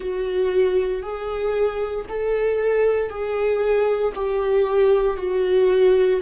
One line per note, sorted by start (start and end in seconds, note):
0.00 1.02 F#4
1.02 2.05 G#4
2.08 3.09 A4
3.09 4.12 G#4
4.15 5.17 G4
5.17 6.20 F#4